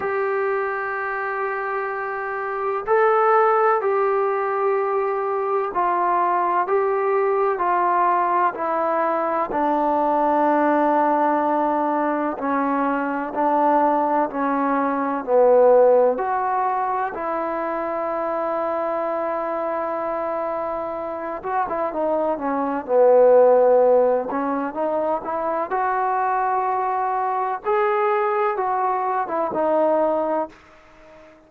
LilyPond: \new Staff \with { instrumentName = "trombone" } { \time 4/4 \tempo 4 = 63 g'2. a'4 | g'2 f'4 g'4 | f'4 e'4 d'2~ | d'4 cis'4 d'4 cis'4 |
b4 fis'4 e'2~ | e'2~ e'8 fis'16 e'16 dis'8 cis'8 | b4. cis'8 dis'8 e'8 fis'4~ | fis'4 gis'4 fis'8. e'16 dis'4 | }